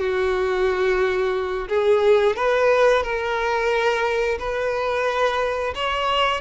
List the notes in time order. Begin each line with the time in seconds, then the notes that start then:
0.00 F#4
1.69 G#4
2.37 B4
3.04 A#4
4.40 B4
5.75 C#5